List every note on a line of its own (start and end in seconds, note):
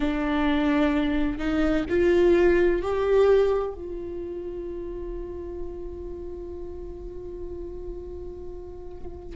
0.00 1.38 D4
1.38 1.85 D#4
1.89 2.82 F4
2.82 3.74 G4
3.74 9.35 F4